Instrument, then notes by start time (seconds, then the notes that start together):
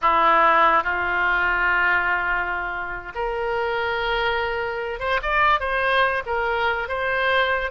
oboe
0.01 E4
0.83 F4
3.15 A#4
4.99 C5
5.22 D5
5.60 C5
6.26 A#4
6.88 C5